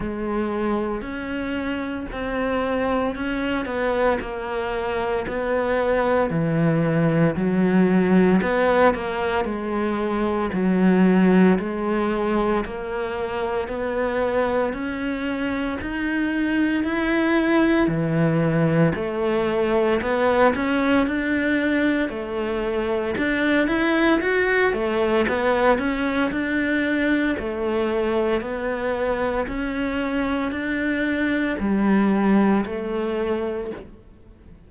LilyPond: \new Staff \with { instrumentName = "cello" } { \time 4/4 \tempo 4 = 57 gis4 cis'4 c'4 cis'8 b8 | ais4 b4 e4 fis4 | b8 ais8 gis4 fis4 gis4 | ais4 b4 cis'4 dis'4 |
e'4 e4 a4 b8 cis'8 | d'4 a4 d'8 e'8 fis'8 a8 | b8 cis'8 d'4 a4 b4 | cis'4 d'4 g4 a4 | }